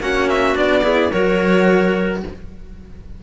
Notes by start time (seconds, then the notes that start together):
0.00 A#3 C#4 F#4 F#5
0.29 E5
0.55 B3 D4 D5
0.82 E4 G#4
1.11 F#3 F#4 A#4 C#5